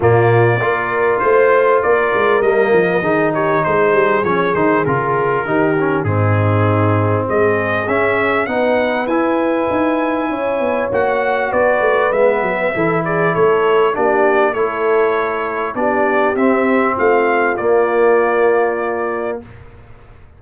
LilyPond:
<<
  \new Staff \with { instrumentName = "trumpet" } { \time 4/4 \tempo 4 = 99 d''2 c''4 d''4 | dis''4. cis''8 c''4 cis''8 c''8 | ais'2 gis'2 | dis''4 e''4 fis''4 gis''4~ |
gis''2 fis''4 d''4 | e''4. d''8 cis''4 d''4 | cis''2 d''4 e''4 | f''4 d''2. | }
  \new Staff \with { instrumentName = "horn" } { \time 4/4 f'4 ais'4 c''4 ais'4~ | ais'4 gis'8 g'8 gis'2~ | gis'4 g'4 dis'2 | gis'2 b'2~ |
b'4 cis''2 b'4~ | b'4 a'8 gis'8 a'4 g'4 | a'2 g'2 | f'1 | }
  \new Staff \with { instrumentName = "trombone" } { \time 4/4 ais4 f'2. | ais4 dis'2 cis'8 dis'8 | f'4 dis'8 cis'8 c'2~ | c'4 cis'4 dis'4 e'4~ |
e'2 fis'2 | b4 e'2 d'4 | e'2 d'4 c'4~ | c'4 ais2. | }
  \new Staff \with { instrumentName = "tuba" } { \time 4/4 ais,4 ais4 a4 ais8 gis8 | g8 f8 dis4 gis8 g8 f8 dis8 | cis4 dis4 gis,2 | gis4 cis'4 b4 e'4 |
dis'4 cis'8 b8 ais4 b8 a8 | gis8 fis8 e4 a4 ais4 | a2 b4 c'4 | a4 ais2. | }
>>